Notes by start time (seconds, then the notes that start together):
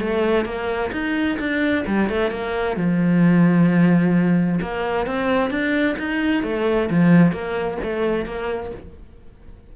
0.00 A3
0.45 A#3
0.92 D#4
1.39 D4
1.86 G3
2.09 A3
2.31 A#3
2.76 F3
4.61 A#3
5.06 C4
5.50 D4
5.98 D#4
6.43 A3
6.90 F3
7.32 A#3
7.83 A3
8.25 A#3